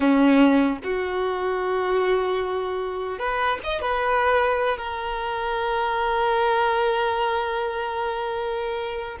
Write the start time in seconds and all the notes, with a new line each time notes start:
0.00 C#4
0.83 F#4
3.18 B4
3.63 D#5
3.81 B4
4.77 A#4